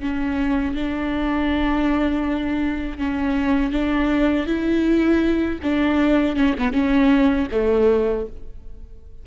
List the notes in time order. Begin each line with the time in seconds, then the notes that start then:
0.00 C#4
0.75 D4
2.98 C#4
3.72 D4
4.46 E4
5.62 D4
6.36 C#4
6.58 B3
6.72 C#4
7.51 A3